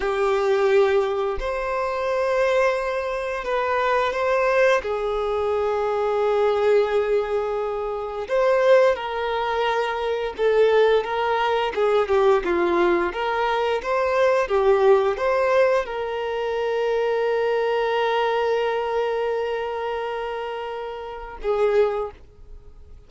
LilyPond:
\new Staff \with { instrumentName = "violin" } { \time 4/4 \tempo 4 = 87 g'2 c''2~ | c''4 b'4 c''4 gis'4~ | gis'1 | c''4 ais'2 a'4 |
ais'4 gis'8 g'8 f'4 ais'4 | c''4 g'4 c''4 ais'4~ | ais'1~ | ais'2. gis'4 | }